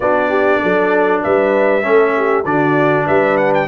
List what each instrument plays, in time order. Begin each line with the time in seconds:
0.00 tuba B3, trombone D4, horn F#4, trumpet D5
0.29 horn G4
0.62 tuba F#3, horn A4
1.22 tuba G3, horn B4, trumpet E5
1.82 tuba A3, trombone C#4, horn A4
2.16 horn G4
2.44 tuba D3, trombone D4, horn F#4, trumpet D5
3.06 tuba G3, horn B4, trumpet E5
3.37 trumpet F#5
3.53 trumpet G5